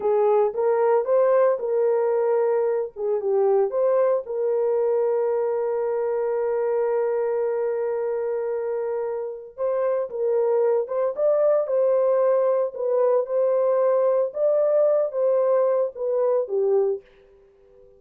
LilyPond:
\new Staff \with { instrumentName = "horn" } { \time 4/4 \tempo 4 = 113 gis'4 ais'4 c''4 ais'4~ | ais'4. gis'8 g'4 c''4 | ais'1~ | ais'1~ |
ais'2 c''4 ais'4~ | ais'8 c''8 d''4 c''2 | b'4 c''2 d''4~ | d''8 c''4. b'4 g'4 | }